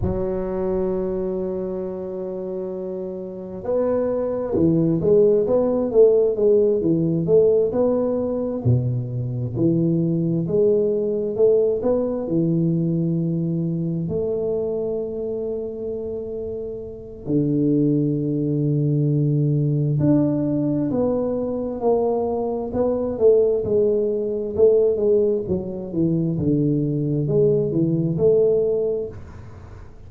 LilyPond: \new Staff \with { instrumentName = "tuba" } { \time 4/4 \tempo 4 = 66 fis1 | b4 e8 gis8 b8 a8 gis8 e8 | a8 b4 b,4 e4 gis8~ | gis8 a8 b8 e2 a8~ |
a2. d4~ | d2 d'4 b4 | ais4 b8 a8 gis4 a8 gis8 | fis8 e8 d4 gis8 e8 a4 | }